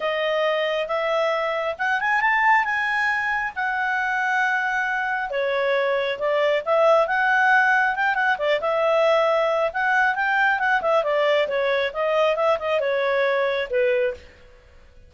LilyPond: \new Staff \with { instrumentName = "clarinet" } { \time 4/4 \tempo 4 = 136 dis''2 e''2 | fis''8 gis''8 a''4 gis''2 | fis''1 | cis''2 d''4 e''4 |
fis''2 g''8 fis''8 d''8 e''8~ | e''2 fis''4 g''4 | fis''8 e''8 d''4 cis''4 dis''4 | e''8 dis''8 cis''2 b'4 | }